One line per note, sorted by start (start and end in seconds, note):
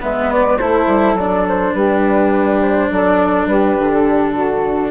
0.00 0.60 G#3
0.00 0.58 B3
0.00 0.58 B4
0.00 0.32 E5
0.32 0.58 D5
0.58 0.87 A3
0.58 1.19 E4
0.58 1.73 A4
0.58 1.15 C5
0.87 1.14 G3
1.14 1.72 F#3
1.14 4.91 D4
1.14 1.47 D5
1.48 1.74 C5
1.73 2.90 G3
1.73 2.89 G4
1.73 2.61 B4
2.62 2.89 C5
2.89 3.46 F#3
2.89 3.48 A4
2.89 3.47 D5
3.46 3.75 G3
3.46 4.33 G4
3.46 3.91 B4
3.79 4.91 D3
3.92 4.91 A4
4.33 4.91 F#4